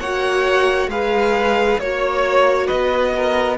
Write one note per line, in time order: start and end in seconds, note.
0.00 0.88 A#3
0.00 0.91 F#4
0.00 0.90 C#5
0.00 0.90 F#5
0.88 1.78 G#3
0.88 1.81 G#4
0.88 1.81 B4
0.88 1.80 F5
1.79 2.68 A#3
1.79 3.58 F#4
1.79 2.68 C#5
1.79 2.67 C#5
2.67 3.58 B3
2.67 3.11 B4
2.67 3.57 D#5
3.16 3.58 A#4